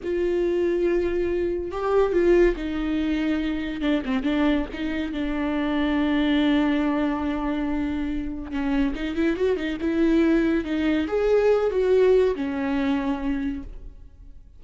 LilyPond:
\new Staff \with { instrumentName = "viola" } { \time 4/4 \tempo 4 = 141 f'1 | g'4 f'4 dis'2~ | dis'4 d'8 c'8 d'4 dis'4 | d'1~ |
d'1 | cis'4 dis'8 e'8 fis'8 dis'8 e'4~ | e'4 dis'4 gis'4. fis'8~ | fis'4 cis'2. | }